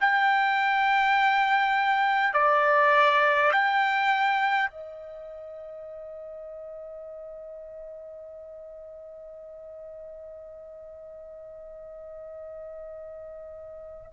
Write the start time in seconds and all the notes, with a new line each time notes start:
0.00 G5
2.34 D5
3.52 G5
4.70 D#5